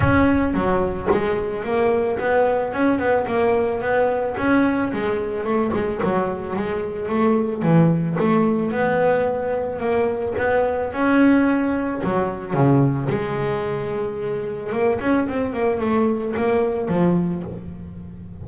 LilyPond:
\new Staff \with { instrumentName = "double bass" } { \time 4/4 \tempo 4 = 110 cis'4 fis4 gis4 ais4 | b4 cis'8 b8 ais4 b4 | cis'4 gis4 a8 gis8 fis4 | gis4 a4 e4 a4 |
b2 ais4 b4 | cis'2 fis4 cis4 | gis2. ais8 cis'8 | c'8 ais8 a4 ais4 f4 | }